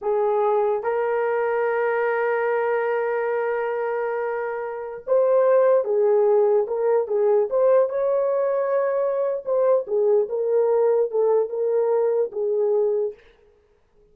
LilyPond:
\new Staff \with { instrumentName = "horn" } { \time 4/4 \tempo 4 = 146 gis'2 ais'2~ | ais'1~ | ais'1~ | ais'16 c''2 gis'4.~ gis'16~ |
gis'16 ais'4 gis'4 c''4 cis''8.~ | cis''2. c''4 | gis'4 ais'2 a'4 | ais'2 gis'2 | }